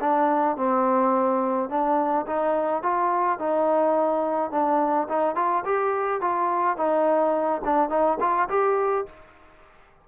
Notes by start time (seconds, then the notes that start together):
0.00 D4
0.57 C4
1.69 D4
2.27 D#4
2.83 F4
3.39 D#4
4.51 D4
5.08 D#4
5.35 F4
5.65 G4
6.21 F4
6.77 D#4
7.65 D4
7.89 D#4
8.20 F4
8.49 G4